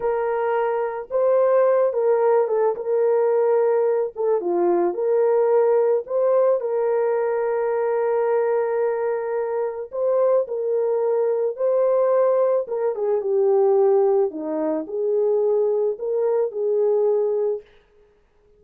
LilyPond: \new Staff \with { instrumentName = "horn" } { \time 4/4 \tempo 4 = 109 ais'2 c''4. ais'8~ | ais'8 a'8 ais'2~ ais'8 a'8 | f'4 ais'2 c''4 | ais'1~ |
ais'2 c''4 ais'4~ | ais'4 c''2 ais'8 gis'8 | g'2 dis'4 gis'4~ | gis'4 ais'4 gis'2 | }